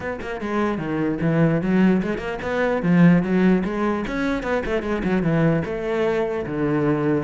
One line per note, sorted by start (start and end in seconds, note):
0.00 0.19 B3
0.21 0.40 A#3
0.40 0.78 G#3
0.78 1.18 D#3
1.21 1.61 E3
1.61 2.01 F#3
2.02 2.18 G#3
2.18 2.38 A#3
2.42 2.82 B3
2.82 3.22 F3
3.23 3.63 F#3
3.64 4.05 G#3
4.07 4.42 C#4
4.42 4.63 B3
4.65 4.82 A3
4.82 5.02 G#3
5.04 5.22 F#3
5.22 5.62 E3
5.65 6.45 A3
6.46 7.23 D3